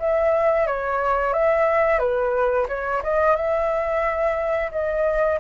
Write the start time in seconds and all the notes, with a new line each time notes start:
0.00 E5
0.67 C#5
1.33 E5
1.99 B4
2.68 C#5
3.03 D#5
3.36 E5
4.72 D#5